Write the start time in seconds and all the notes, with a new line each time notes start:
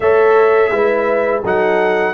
0.00 A3 A4 C#5 E5
0.70 G#3 E4 B4
1.42 F#3 D#4 A4 F#5